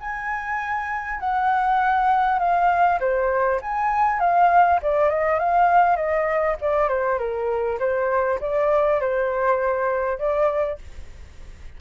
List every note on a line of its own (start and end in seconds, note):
0.00 1.20 G#5
1.20 2.39 F#5
2.39 2.99 F5
3.00 3.60 C5
3.61 4.20 G#5
4.20 4.80 F5
4.82 5.09 D5
5.09 5.39 D#5
5.39 5.96 F5
5.96 6.56 D#5
6.61 6.89 D5
6.89 7.19 C5
7.19 7.79 A#4
7.79 8.39 C5
8.41 9.01 D5
9.01 10.18 C5
10.18 10.78 D5